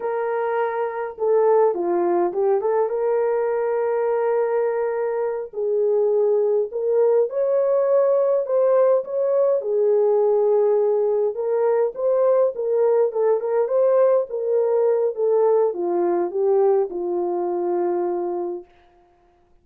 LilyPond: \new Staff \with { instrumentName = "horn" } { \time 4/4 \tempo 4 = 103 ais'2 a'4 f'4 | g'8 a'8 ais'2.~ | ais'4. gis'2 ais'8~ | ais'8 cis''2 c''4 cis''8~ |
cis''8 gis'2. ais'8~ | ais'8 c''4 ais'4 a'8 ais'8 c''8~ | c''8 ais'4. a'4 f'4 | g'4 f'2. | }